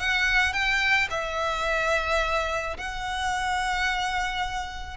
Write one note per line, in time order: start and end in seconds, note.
0.00 0.53 F#5
0.53 1.09 G5
1.10 2.77 E5
2.77 4.97 F#5